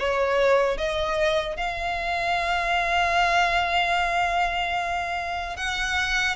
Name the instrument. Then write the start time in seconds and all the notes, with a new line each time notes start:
violin
0.00 C#5
0.78 D#5
1.57 F5
5.57 F#5